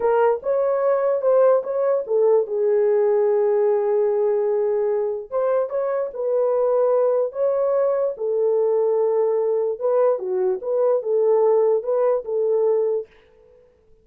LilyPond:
\new Staff \with { instrumentName = "horn" } { \time 4/4 \tempo 4 = 147 ais'4 cis''2 c''4 | cis''4 a'4 gis'2~ | gis'1~ | gis'4 c''4 cis''4 b'4~ |
b'2 cis''2 | a'1 | b'4 fis'4 b'4 a'4~ | a'4 b'4 a'2 | }